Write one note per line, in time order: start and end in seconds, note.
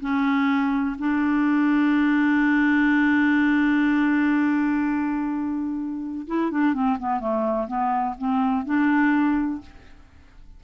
0.00 0.96 C#4
0.98 6.26 D4
6.27 6.50 E4
6.50 6.73 D4
6.73 6.97 C4
6.99 7.20 B3
7.20 7.67 A3
7.67 8.15 B3
8.18 8.65 C4
8.65 9.61 D4